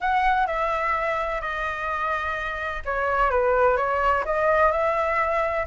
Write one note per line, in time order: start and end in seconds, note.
0.00 0.47 F#5
0.47 1.41 E5
1.41 2.82 D#5
2.85 3.30 C#5
3.30 3.76 B4
3.76 4.24 C#5
4.25 4.71 D#5
4.71 5.66 E5